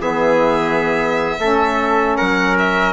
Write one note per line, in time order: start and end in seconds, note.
0.00 1.38 E3
0.00 1.39 B3
0.00 1.39 G#4
0.00 2.17 E5
1.39 2.18 A3
1.39 2.93 C#4
1.39 2.17 A4
2.17 2.93 F#3
2.17 2.93 A#4
2.17 2.56 F#5
2.59 2.93 E5